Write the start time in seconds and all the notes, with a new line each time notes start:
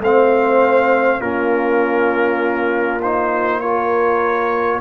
0.00 A3 C4 C5 F5
1.20 A#3 C#4 F4 A#4
3.02 D#4 C5
3.60 F4 A#4 C#5